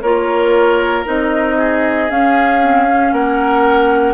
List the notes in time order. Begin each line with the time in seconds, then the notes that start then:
0.00 A#3 F4 A#4 C#5
1.05 C4 D#4 D#5
1.57 G#4
2.09 C#4 F5
2.61 C4
2.88 C#4
3.12 A#3 A#4 F#5